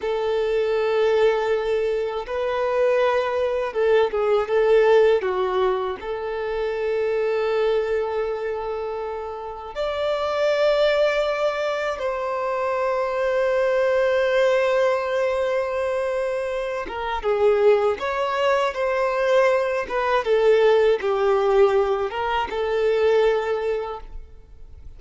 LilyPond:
\new Staff \with { instrumentName = "violin" } { \time 4/4 \tempo 4 = 80 a'2. b'4~ | b'4 a'8 gis'8 a'4 fis'4 | a'1~ | a'4 d''2. |
c''1~ | c''2~ c''8 ais'8 gis'4 | cis''4 c''4. b'8 a'4 | g'4. ais'8 a'2 | }